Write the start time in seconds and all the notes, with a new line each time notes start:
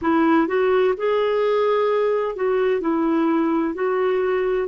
0.01 E4
0.47 F#4
0.97 G#4
2.35 F#4
2.80 E4
3.74 F#4